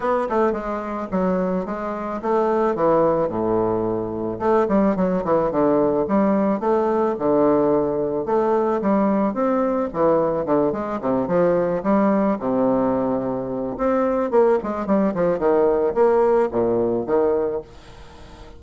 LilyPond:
\new Staff \with { instrumentName = "bassoon" } { \time 4/4 \tempo 4 = 109 b8 a8 gis4 fis4 gis4 | a4 e4 a,2 | a8 g8 fis8 e8 d4 g4 | a4 d2 a4 |
g4 c'4 e4 d8 gis8 | c8 f4 g4 c4.~ | c4 c'4 ais8 gis8 g8 f8 | dis4 ais4 ais,4 dis4 | }